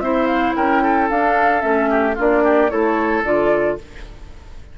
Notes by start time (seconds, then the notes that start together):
0.00 C4 E4 C5 E5
0.27 F5
0.56 C#4 A#4 G5
0.83 A4
1.10 D4 F5
1.60 A3 C#4 E5
1.90 G4
2.16 A#3 D4 F4 D5
2.45 G4
2.70 A3 E4 A4 C#5
3.24 D3 F4 D5